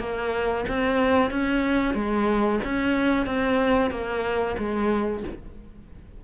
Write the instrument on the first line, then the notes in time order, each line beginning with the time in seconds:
cello
0.00 A#3
0.69 C4
1.31 C#4
1.95 G#3
2.65 C#4
3.26 C4
3.91 A#3
4.59 G#3